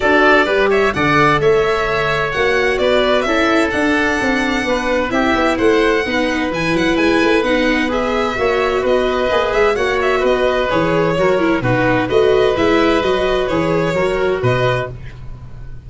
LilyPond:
<<
  \new Staff \with { instrumentName = "violin" } { \time 4/4 \tempo 4 = 129 d''4. e''8 fis''4 e''4~ | e''4 fis''4 d''4 e''4 | fis''2. e''4 | fis''2 gis''8 fis''8 gis''4 |
fis''4 e''2 dis''4~ | dis''8 e''8 fis''8 e''8 dis''4 cis''4~ | cis''4 b'4 dis''4 e''4 | dis''4 cis''2 dis''4 | }
  \new Staff \with { instrumentName = "oboe" } { \time 4/4 a'4 b'8 cis''8 d''4 cis''4~ | cis''2 b'4 a'4~ | a'2 b'4 g'4 | c''4 b'2.~ |
b'2 cis''4 b'4~ | b'4 cis''4 b'2 | ais'4 fis'4 b'2~ | b'2 ais'4 b'4 | }
  \new Staff \with { instrumentName = "viola" } { \time 4/4 fis'4 g'4 a'2~ | a'4 fis'2 e'4 | d'2. e'4~ | e'4 dis'4 e'2 |
dis'4 gis'4 fis'2 | gis'4 fis'2 gis'4 | fis'8 e'8 dis'4 fis'4 e'4 | fis'4 gis'4 fis'2 | }
  \new Staff \with { instrumentName = "tuba" } { \time 4/4 d'4 g4 d4 a4~ | a4 ais4 b4 cis'4 | d'4 c'4 b4 c'8 b8 | a4 b4 e8 fis8 gis8 a8 |
b2 ais4 b4 | ais8 gis8 ais4 b4 e4 | fis4 b,4 a4 gis4 | fis4 e4 fis4 b,4 | }
>>